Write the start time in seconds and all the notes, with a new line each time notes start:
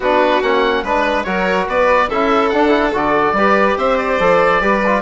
0.00 B3 D4 F#4 B4
0.42 A#3 C#4 F#5
0.83 G#3 D4 B4
1.23 F#3 F#4 A#4 C#5
1.67 B3 B4 D5
2.09 C#4 E4 A4 E5
2.49 D4 F#5
2.68 E4
2.93 D3 F#4 D5
3.32 G3 G4 B4
3.77 C4 C5 E5
3.97 D5
4.19 F3 A4
4.60 G3 G4 B4
4.86 F4